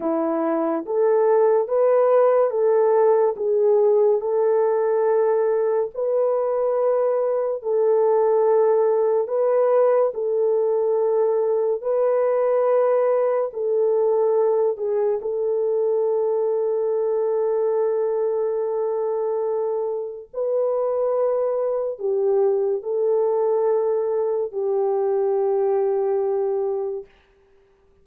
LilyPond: \new Staff \with { instrumentName = "horn" } { \time 4/4 \tempo 4 = 71 e'4 a'4 b'4 a'4 | gis'4 a'2 b'4~ | b'4 a'2 b'4 | a'2 b'2 |
a'4. gis'8 a'2~ | a'1 | b'2 g'4 a'4~ | a'4 g'2. | }